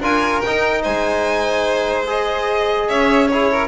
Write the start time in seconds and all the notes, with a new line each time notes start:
0.00 D4 F4 A#4 G#5
0.41 D#4 G5
0.82 G#3 C5 G#5
2.06 G#4 D#5
2.87 C#4 C#5 E5
3.27 E4 G#4 C#5
3.51 A#4